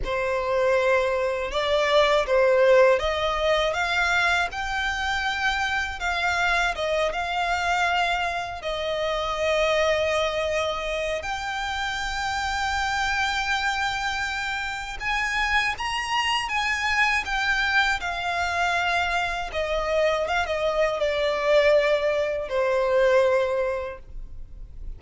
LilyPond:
\new Staff \with { instrumentName = "violin" } { \time 4/4 \tempo 4 = 80 c''2 d''4 c''4 | dis''4 f''4 g''2 | f''4 dis''8 f''2 dis''8~ | dis''2. g''4~ |
g''1 | gis''4 ais''4 gis''4 g''4 | f''2 dis''4 f''16 dis''8. | d''2 c''2 | }